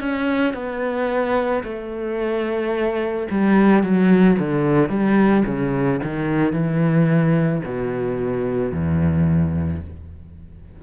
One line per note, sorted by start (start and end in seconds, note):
0.00 0.54 C#4
0.54 1.63 B3
1.63 3.27 A3
3.31 3.83 G3
3.83 4.37 F#3
4.39 4.89 D3
4.89 5.43 G3
5.46 6.00 C#3
6.03 6.53 D#3
6.53 7.62 E3
7.65 8.72 B2
8.72 9.81 E2